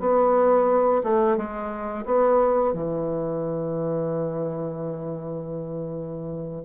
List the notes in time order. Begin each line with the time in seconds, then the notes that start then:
0.00 B3
1.04 A3
1.37 G#3
2.06 B3
2.74 E3